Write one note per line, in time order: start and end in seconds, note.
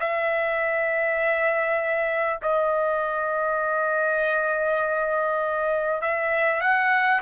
0.00 2.40 E5
2.42 6.01 D#5
6.01 6.61 E5
6.61 7.21 F#5